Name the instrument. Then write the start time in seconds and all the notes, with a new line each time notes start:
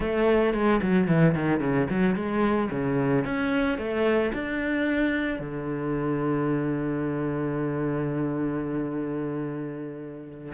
cello
0.00 A3
0.53 G#3
0.82 F#3
1.07 E3
1.35 D#3
1.60 C#3
1.89 F#3
2.15 G#3
2.70 C#3
3.25 C#4
3.78 A3
4.33 D4
5.39 D3